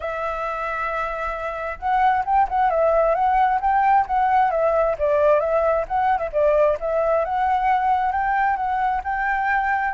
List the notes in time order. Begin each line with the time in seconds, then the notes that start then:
0.00 E5
1.78 F#5
2.25 G5
2.49 F#5
2.69 E5
3.15 F#5
3.60 G5
4.06 F#5
4.50 E5
4.98 D5
5.40 E5
5.88 F#5
6.18 E5
6.32 D5
6.80 E5
7.24 F#5
8.11 G5
8.56 F#5
9.03 G5